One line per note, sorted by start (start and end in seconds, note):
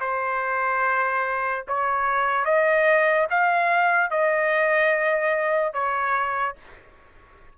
0.00 1.64 C5
1.68 2.45 C#5
2.45 3.27 D#5
3.30 4.11 F5
4.11 5.73 D#5
5.73 6.55 C#5